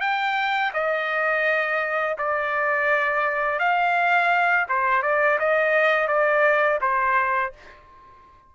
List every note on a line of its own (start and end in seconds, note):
0.00 0.71 G5
0.73 2.16 D#5
2.18 3.59 D5
3.59 4.66 F5
4.69 5.02 C5
5.02 5.38 D5
5.39 6.07 D#5
6.07 6.79 D5
6.81 7.53 C5